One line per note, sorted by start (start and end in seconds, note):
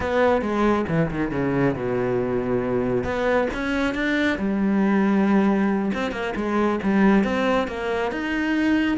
0.00 0.41 B3
0.41 0.85 G#3
0.88 1.10 E3
1.10 1.31 D#3
1.31 1.75 C#3
1.75 3.03 B2
3.03 3.47 B3
3.53 3.94 C#4
3.94 4.38 D4
4.38 5.91 G3
5.93 6.11 C4
6.11 6.33 A#3
6.36 6.79 G#3
6.83 7.24 G3
7.24 7.67 C4
7.67 8.11 A#3
8.11 8.97 D#4